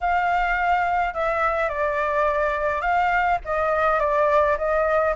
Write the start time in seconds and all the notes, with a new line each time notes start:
0.01 F5
1.14 E5
1.68 D5
2.81 F5
3.44 D#5
3.99 D5
4.57 D#5